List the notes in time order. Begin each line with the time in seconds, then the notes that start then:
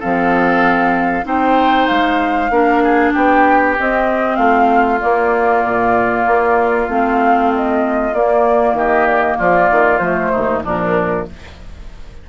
0.00 F3 C4 A4 F5
1.24 C4 D#4 C5 G5
1.88 G#3 F5
2.50 A#3 D4 A#4
2.84 G#4
3.14 B3 G4 G5
3.80 C4 D#5
4.36 A3 F4 F5
5.00 A#3 D5
5.65 A#2
6.27 A#3
6.89 A3 C4 F5
7.55 D#5
8.14 A#3 D5
8.73 D#3 G4 D#5
9.08 D5
9.22 D#5
9.38 F3 F4 D5
9.71 D#3
9.98 F3 A3 C5
10.32 D#2 D#4
10.64 A#2 F3 D4 A#4